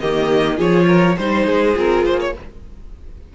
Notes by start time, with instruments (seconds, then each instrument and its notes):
0.00 cello D#3, viola A#3, violin G4 D#5
0.57 cello F3, viola F4, violin G#4 C#5
0.87 violin A#4
1.17 cello G3, viola D#4, violin C5
1.46 cello G#3, violin G#4
1.75 cello C4, viola F4, violin A#4
2.05 cello A#3, violin C5
2.20 violin C#5